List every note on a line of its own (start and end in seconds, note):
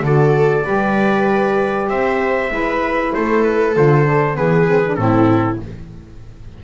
0.00 0.62 D3
0.00 0.63 F#4
0.00 0.64 A4
0.00 1.89 D5
0.63 1.90 G3
0.63 2.49 G4
0.63 1.88 B4
1.89 2.50 C4
1.89 2.51 C5
1.89 3.12 E5
2.49 3.12 G#3
2.49 3.72 E4
2.49 3.14 B4
3.13 3.76 A3
3.13 4.36 A4
3.13 3.43 C5
3.43 3.74 B4
3.74 4.37 D3
3.74 4.04 F4
3.74 4.36 C5
4.04 4.35 D4
4.35 4.97 E3
4.35 4.66 B3
4.35 4.98 G#4
4.35 4.95 B4
4.66 4.82 C4
4.86 4.96 D4
4.95 5.58 A2
4.95 5.58 C4
4.95 5.57 A4
5.01 5.63 E4